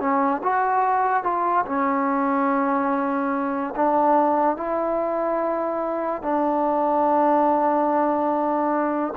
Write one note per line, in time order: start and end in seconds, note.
0.00 0.42 C#4
0.44 1.24 F#4
1.24 1.66 F4
1.66 3.75 C#4
3.76 4.57 D4
4.57 6.23 E4
6.23 9.14 D4